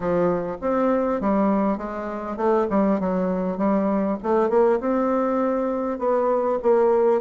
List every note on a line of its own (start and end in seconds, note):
0.00 0.56 F3
0.61 1.20 C4
1.20 1.77 G3
1.77 2.36 G#3
2.36 2.66 A3
2.70 3.00 G3
3.00 3.57 F#3
3.57 4.17 G3
4.22 4.49 A3
4.49 4.79 A#3
4.80 5.98 C4
5.98 6.58 B3
6.62 7.21 A#3